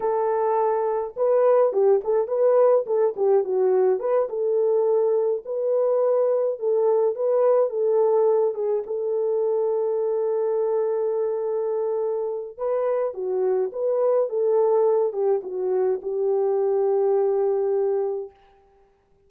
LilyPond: \new Staff \with { instrumentName = "horn" } { \time 4/4 \tempo 4 = 105 a'2 b'4 g'8 a'8 | b'4 a'8 g'8 fis'4 b'8 a'8~ | a'4. b'2 a'8~ | a'8 b'4 a'4. gis'8 a'8~ |
a'1~ | a'2 b'4 fis'4 | b'4 a'4. g'8 fis'4 | g'1 | }